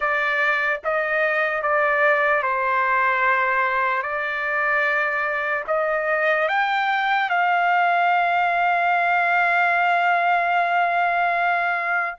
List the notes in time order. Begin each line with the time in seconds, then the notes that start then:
0.00 D5
0.84 D#5
1.62 D5
2.43 C5
4.02 D5
5.67 D#5
6.48 G5
7.29 F5